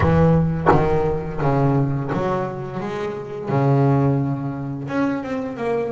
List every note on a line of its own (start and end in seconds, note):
0.00 0.68 E3
0.71 1.41 D#3
1.41 2.11 C#3
2.12 2.80 F#3
2.80 3.49 G#3
3.49 4.88 C#3
4.88 5.23 C#4
5.23 5.57 C4
5.57 5.91 A#3